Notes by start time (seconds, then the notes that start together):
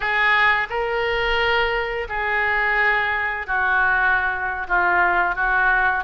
0.00 G#4
0.69 A#4
2.08 G#4
3.46 F#4
4.67 F4
5.34 F#4